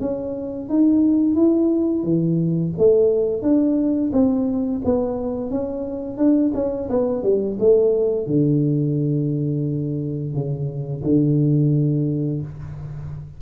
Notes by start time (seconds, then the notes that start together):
0.00 C#4
0.69 D#4
1.35 E4
2.03 E3
2.78 A3
3.42 D4
4.13 C4
4.84 B3
5.50 C#4
6.17 D4
6.54 C#4
6.89 B3
7.23 G3
7.59 A3
8.27 D3
10.34 C#3
11.03 D3